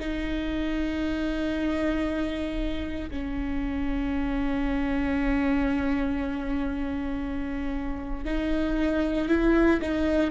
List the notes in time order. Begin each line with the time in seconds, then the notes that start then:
0.00 D#4
3.10 C#4
8.25 D#4
9.29 E4
9.81 D#4